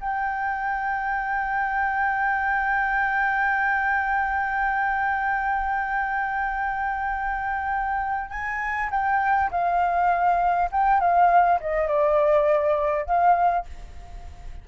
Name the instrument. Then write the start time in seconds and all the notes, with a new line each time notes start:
flute
0.00 G5
8.30 G#5
8.90 G5
9.51 F5
10.71 G5
11.00 F5
11.60 D#5
11.87 D5
13.06 F5